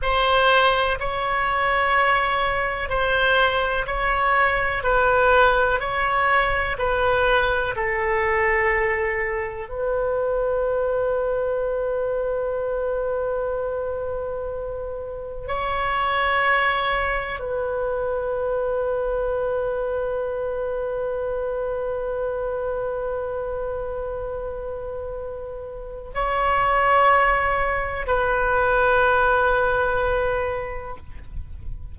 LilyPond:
\new Staff \with { instrumentName = "oboe" } { \time 4/4 \tempo 4 = 62 c''4 cis''2 c''4 | cis''4 b'4 cis''4 b'4 | a'2 b'2~ | b'1 |
cis''2 b'2~ | b'1~ | b'2. cis''4~ | cis''4 b'2. | }